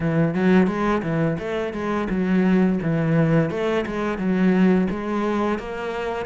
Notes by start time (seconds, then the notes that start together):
0.00 E3
0.34 F#3
0.67 G#3
1.02 E3
1.39 A3
1.73 G#3
2.09 F#3
2.82 E3
3.50 A3
3.86 G#3
4.18 F#3
4.90 G#3
5.58 A#3